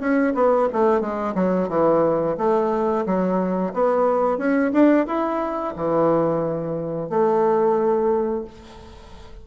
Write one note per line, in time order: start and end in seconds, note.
0.00 0.34 C#4
0.35 0.68 B3
0.73 1.01 A3
1.01 1.35 G#3
1.35 1.69 F#3
1.69 2.36 E3
2.37 3.05 A3
3.06 3.73 F#3
3.74 4.38 B3
4.38 4.71 C#4
4.73 5.07 D4
5.07 5.74 E4
5.76 7.09 E3
7.09 8.44 A3